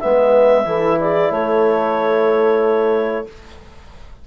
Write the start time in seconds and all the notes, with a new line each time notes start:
0.00 G#3 B3 B4 E5
0.65 E3 E4 A4
1.00 G#4 D5
1.30 A3 A4 C#5